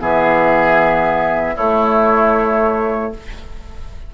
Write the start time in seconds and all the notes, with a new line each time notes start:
0.00 E3 B3 G#4 E5
1.56 A3 E4 C#5